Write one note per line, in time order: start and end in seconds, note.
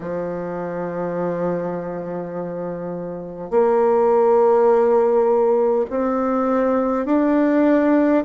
0.00 3.50 F3
3.50 5.85 A#3
5.89 7.05 C4
7.05 8.23 D4